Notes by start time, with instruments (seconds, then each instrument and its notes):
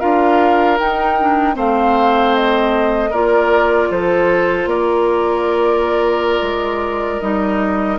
0.00 bassoon D4, clarinet F4, oboe A#4, flute F5
0.79 clarinet D#4, bassoon D#4, flute G5
1.20 clarinet D4
1.54 bassoon A3, clarinet C4, oboe C5, flute F5
2.36 flute D#5
3.10 bassoon A#3, clarinet F4, oboe A#4, flute D5
3.91 bassoon F3, oboe A4, flute C5
4.66 bassoon A#3, oboe A#4, flute D5
6.42 bassoon G#3
7.21 bassoon G3, clarinet D#4, flute D#5